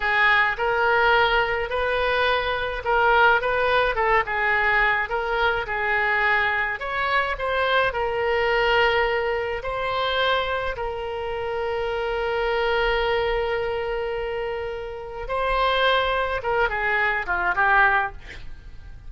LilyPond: \new Staff \with { instrumentName = "oboe" } { \time 4/4 \tempo 4 = 106 gis'4 ais'2 b'4~ | b'4 ais'4 b'4 a'8 gis'8~ | gis'4 ais'4 gis'2 | cis''4 c''4 ais'2~ |
ais'4 c''2 ais'4~ | ais'1~ | ais'2. c''4~ | c''4 ais'8 gis'4 f'8 g'4 | }